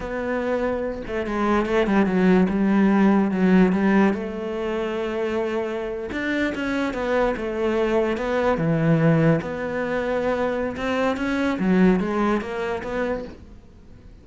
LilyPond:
\new Staff \with { instrumentName = "cello" } { \time 4/4 \tempo 4 = 145 b2~ b8 a8 gis4 | a8 g8 fis4 g2 | fis4 g4 a2~ | a2~ a8. d'4 cis'16~ |
cis'8. b4 a2 b16~ | b8. e2 b4~ b16~ | b2 c'4 cis'4 | fis4 gis4 ais4 b4 | }